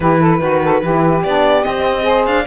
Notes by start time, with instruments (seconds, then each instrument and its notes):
0.00 cello E3, saxophone E4 G4, violin B4
0.19 saxophone A4
0.40 cello D#3, saxophone F#4 B4
0.64 saxophone A4
0.82 cello E3, saxophone E4 G4
1.23 cello B3, saxophone D4, violin D5
1.63 saxophone C4, cello C4, violin D#5
2.02 saxophone G#4 C5
2.26 cello D4, violin F5